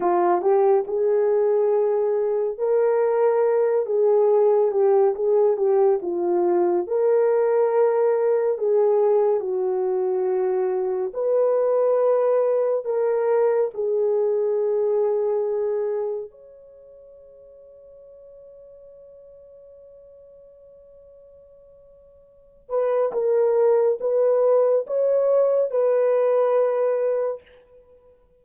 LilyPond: \new Staff \with { instrumentName = "horn" } { \time 4/4 \tempo 4 = 70 f'8 g'8 gis'2 ais'4~ | ais'8 gis'4 g'8 gis'8 g'8 f'4 | ais'2 gis'4 fis'4~ | fis'4 b'2 ais'4 |
gis'2. cis''4~ | cis''1~ | cis''2~ cis''8 b'8 ais'4 | b'4 cis''4 b'2 | }